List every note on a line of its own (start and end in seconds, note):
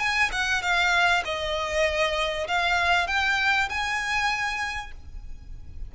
0.00 0.31 G#5
0.33 0.63 F#5
0.63 1.24 F5
1.25 2.48 D#5
2.48 3.08 F5
3.08 3.69 G5
3.70 4.92 G#5